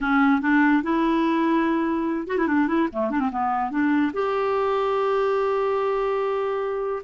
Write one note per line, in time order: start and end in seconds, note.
0.00 0.41 C#4
0.41 0.82 D4
0.82 2.27 E4
2.27 2.37 F#4
2.37 2.47 E4
2.47 2.67 D4
2.67 2.88 E4
2.92 3.10 A3
3.10 3.19 D4
3.19 3.30 C4
3.31 3.70 B3
3.70 4.12 D4
4.13 7.03 G4